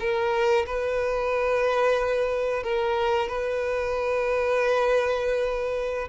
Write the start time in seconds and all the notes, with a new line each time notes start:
0.00 A#4
0.67 B4
2.64 A#4
3.29 B4